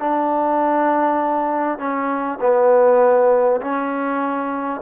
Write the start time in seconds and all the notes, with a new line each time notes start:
0.00 D4
1.79 C#4
2.41 B3
3.61 C#4